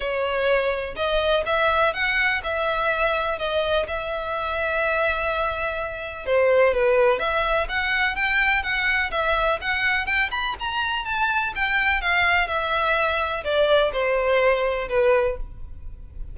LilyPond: \new Staff \with { instrumentName = "violin" } { \time 4/4 \tempo 4 = 125 cis''2 dis''4 e''4 | fis''4 e''2 dis''4 | e''1~ | e''4 c''4 b'4 e''4 |
fis''4 g''4 fis''4 e''4 | fis''4 g''8 b''8 ais''4 a''4 | g''4 f''4 e''2 | d''4 c''2 b'4 | }